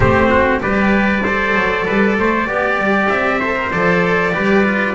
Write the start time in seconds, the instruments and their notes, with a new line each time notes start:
0.00 double bass A3, cello C4, trumpet G4 C5
0.29 trumpet F#4
0.60 double bass G3, cello G4, trumpet B4 D5
1.23 cello A4, trumpet C5
1.55 double bass F#3
1.85 double bass G3, trumpet B4
2.18 double bass A3, trumpet C5
2.47 double bass B3, cello G4, trumpet D5
2.78 double bass G3
3.08 double bass C4, trumpet E5
3.39 cello A4, trumpet C5
3.55 cello A#4
3.71 double bass F3, cello A4, trumpet D5
4.32 double bass G3, cello G4, trumpet B4
4.64 cello F4